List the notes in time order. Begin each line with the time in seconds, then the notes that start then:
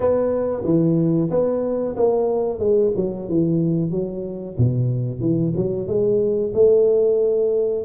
0.00 B3
0.64 E3
1.30 B3
1.96 A#3
2.59 G#3
2.96 F#3
3.28 E3
3.90 F#3
4.57 B2
5.20 E3
5.56 F#3
5.87 G#3
6.54 A3